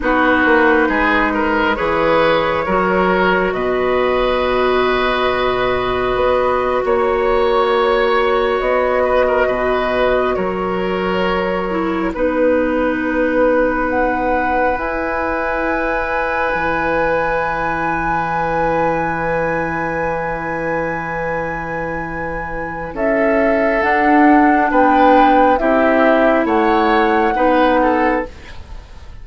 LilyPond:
<<
  \new Staff \with { instrumentName = "flute" } { \time 4/4 \tempo 4 = 68 b'2 cis''2 | dis''2.~ dis''8. cis''16~ | cis''4.~ cis''16 dis''2 cis''16~ | cis''4.~ cis''16 b'2 fis''16~ |
fis''8. gis''2.~ gis''16~ | gis''1~ | gis''2 e''4 fis''4 | g''4 e''4 fis''2 | }
  \new Staff \with { instrumentName = "oboe" } { \time 4/4 fis'4 gis'8 ais'8 b'4 ais'4 | b'2.~ b'8. cis''16~ | cis''2~ cis''16 b'16 ais'16 b'4 ais'16~ | ais'4.~ ais'16 b'2~ b'16~ |
b'1~ | b'1~ | b'2 a'2 | b'4 g'4 cis''4 b'8 a'8 | }
  \new Staff \with { instrumentName = "clarinet" } { \time 4/4 dis'2 gis'4 fis'4~ | fis'1~ | fis'1~ | fis'4~ fis'16 e'8 dis'2~ dis'16~ |
dis'8. e'2.~ e'16~ | e'1~ | e'2. d'4~ | d'4 e'2 dis'4 | }
  \new Staff \with { instrumentName = "bassoon" } { \time 4/4 b8 ais8 gis4 e4 fis4 | b,2. b8. ais16~ | ais4.~ ais16 b4 b,4 fis16~ | fis4.~ fis16 b2~ b16~ |
b8. e'2 e4~ e16~ | e1~ | e2 cis'4 d'4 | b4 c'4 a4 b4 | }
>>